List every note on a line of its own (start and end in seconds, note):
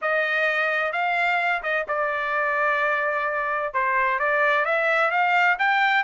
0.01 0.92 D#5
0.92 1.62 F5
1.62 1.86 D#5
1.87 3.73 D5
3.73 4.19 C5
4.19 4.65 D5
4.65 5.10 E5
5.10 5.57 F5
5.59 6.03 G5